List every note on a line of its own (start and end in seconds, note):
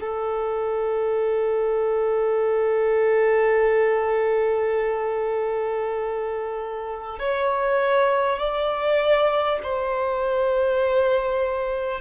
0.00 7.19 A4
7.19 8.39 C#5
8.39 9.59 D5
9.63 12.01 C5